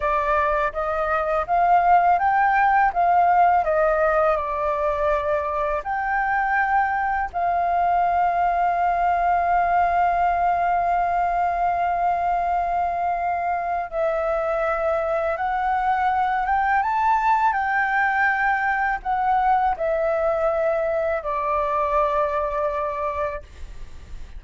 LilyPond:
\new Staff \with { instrumentName = "flute" } { \time 4/4 \tempo 4 = 82 d''4 dis''4 f''4 g''4 | f''4 dis''4 d''2 | g''2 f''2~ | f''1~ |
f''2. e''4~ | e''4 fis''4. g''8 a''4 | g''2 fis''4 e''4~ | e''4 d''2. | }